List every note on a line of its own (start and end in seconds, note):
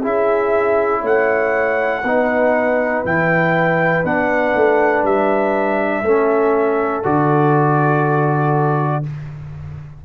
0.00 1.02 C#4
0.00 2.02 E4
0.00 1.00 G#4
0.00 1.05 E5
1.01 2.02 A3
1.01 2.01 C#5
1.01 3.05 F#5
2.03 3.03 B3
2.03 3.05 D#4
2.03 6.03 B4
3.04 4.04 E3
3.04 4.04 E4
3.04 4.05 G5
4.04 4.54 B3
4.04 6.04 D4
4.04 5.05 F#5
4.55 5.03 A3
5.03 6.02 G3
5.03 7.04 E5
6.02 7.02 A3
6.02 7.03 C#4
6.02 9.03 A4
7.03 9.04 D3
7.03 9.03 F#4
7.03 9.04 D5